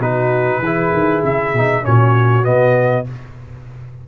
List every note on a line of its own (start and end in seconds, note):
0.00 0.60 B2
0.00 0.63 D#4
0.00 0.62 F#4
0.00 1.24 B4
0.60 0.91 E3
0.60 1.57 E4
0.60 1.85 G#4
0.92 1.23 D#3
1.24 1.54 C#3
1.24 1.86 E5
1.54 1.84 B2
1.54 1.83 D#4
1.83 2.47 A#2
1.83 2.43 C#4
1.83 3.07 F#4
1.83 2.45 C#5
2.43 3.08 B2
2.43 3.05 B3
2.43 3.06 D#5